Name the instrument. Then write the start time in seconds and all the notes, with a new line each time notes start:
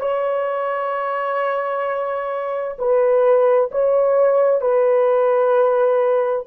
horn
0.00 C#5
2.79 B4
3.72 C#5
4.61 B4